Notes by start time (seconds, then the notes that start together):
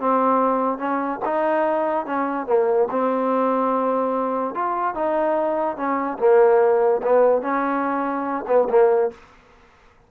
0.00 C4
0.78 C#4
1.25 D#4
2.06 C#4
2.47 A#3
2.91 C4
4.55 F4
4.95 D#4
5.76 C#4
6.19 A#3
7.03 B3
7.42 C#4
8.48 B3
8.70 A#3